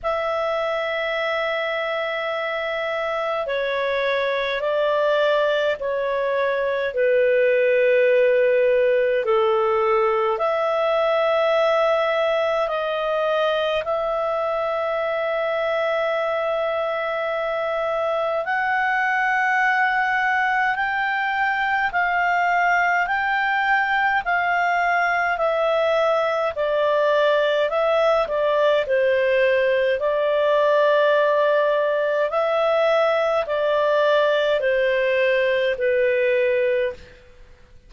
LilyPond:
\new Staff \with { instrumentName = "clarinet" } { \time 4/4 \tempo 4 = 52 e''2. cis''4 | d''4 cis''4 b'2 | a'4 e''2 dis''4 | e''1 |
fis''2 g''4 f''4 | g''4 f''4 e''4 d''4 | e''8 d''8 c''4 d''2 | e''4 d''4 c''4 b'4 | }